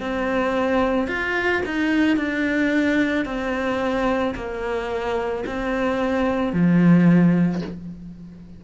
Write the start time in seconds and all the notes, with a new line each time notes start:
0.00 C4
1.08 F4
1.66 D#4
2.17 D4
3.26 C4
4.36 A#3
5.46 C4
6.53 F3